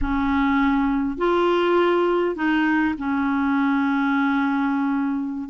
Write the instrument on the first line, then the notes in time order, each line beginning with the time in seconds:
clarinet
0.01 C#4
1.17 F4
2.35 D#4
2.98 C#4